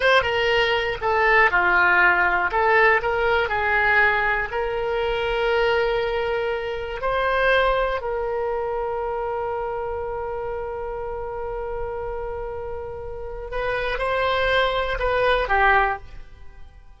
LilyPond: \new Staff \with { instrumentName = "oboe" } { \time 4/4 \tempo 4 = 120 c''8 ais'4. a'4 f'4~ | f'4 a'4 ais'4 gis'4~ | gis'4 ais'2.~ | ais'2 c''2 |
ais'1~ | ais'1~ | ais'2. b'4 | c''2 b'4 g'4 | }